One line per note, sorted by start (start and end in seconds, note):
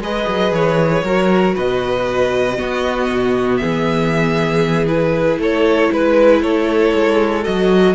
0.00 0.26 G#3
0.00 1.05 G#4
0.00 1.04 B4
0.00 0.53 D#5
0.28 0.51 F#3
0.51 1.03 E3
0.51 1.56 C#5
1.04 1.55 F#3
1.04 2.57 F#4
1.04 1.55 A#4
1.55 2.59 B2
1.55 2.57 B4
1.55 3.57 D#5
2.57 4.87 B3
2.57 3.10 B3
2.57 3.60 F#4
3.11 3.62 B2
3.57 5.37 E3
3.57 5.40 G#4
3.57 4.85 E5
4.87 7.43 E4
4.87 5.39 B4
5.37 5.89 A3
5.37 5.91 A4
5.37 5.92 C#5
5.91 6.42 G#3
5.91 6.41 B4
5.91 6.42 B4
6.41 6.93 A3
6.41 7.94 A4
6.41 7.44 C#5
6.94 7.46 G#3
7.43 7.94 F#3
7.43 7.94 F#4
7.43 7.94 D#5